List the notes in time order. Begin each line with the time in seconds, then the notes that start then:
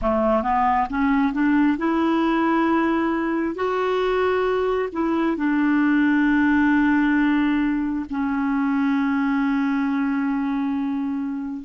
0.01 A3
0.42 B3
0.90 C#4
1.33 D4
1.78 E4
3.55 F#4
4.92 E4
5.36 D4
8.10 C#4